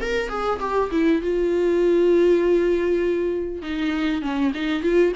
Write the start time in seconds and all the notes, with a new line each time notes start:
0.00 A#4
0.29 G#4
0.59 G4
0.91 E4
1.21 F4
3.61 D#4
4.21 C#4
4.54 D#4
4.82 F4